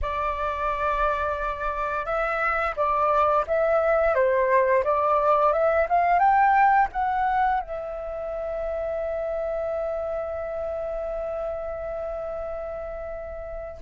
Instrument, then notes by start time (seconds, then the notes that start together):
flute
0.01 D5
2.05 E5
2.76 D5
3.47 E5
4.14 C5
4.84 D5
5.52 E5
5.89 F5
6.19 G5
6.92 F#5
7.60 E5